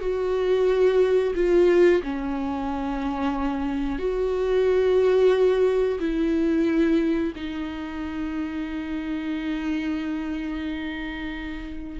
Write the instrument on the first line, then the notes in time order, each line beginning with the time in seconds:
viola
0.00 F#4
1.35 F4
2.03 C#4
3.98 F#4
5.99 E4
7.35 D#4